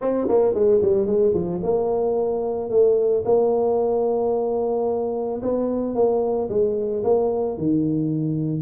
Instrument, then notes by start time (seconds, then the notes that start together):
tuba
0.01 C4
0.28 A#3
0.54 G#3
0.82 G3
1.06 G#3
1.34 F3
1.63 A#3
2.70 A3
3.25 A#3
5.42 B3
5.94 A#3
6.49 G#3
7.03 A#3
7.57 D#3